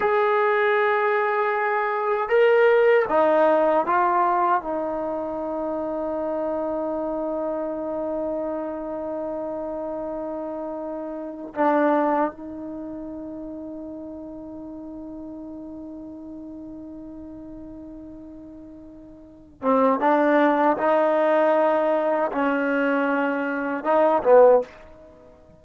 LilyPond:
\new Staff \with { instrumentName = "trombone" } { \time 4/4 \tempo 4 = 78 gis'2. ais'4 | dis'4 f'4 dis'2~ | dis'1~ | dis'2. d'4 |
dis'1~ | dis'1~ | dis'4. c'8 d'4 dis'4~ | dis'4 cis'2 dis'8 b8 | }